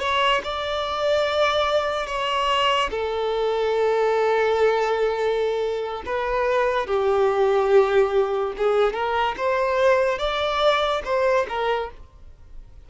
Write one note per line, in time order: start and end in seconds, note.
0.00 0.42 C#5
0.44 2.07 D5
2.07 2.90 C#5
2.91 6.03 A4
6.06 6.87 B4
6.87 8.53 G4
8.58 8.94 G#4
8.94 9.35 A#4
9.37 10.19 C5
10.19 11.02 D5
11.05 11.47 C5
11.49 11.90 A#4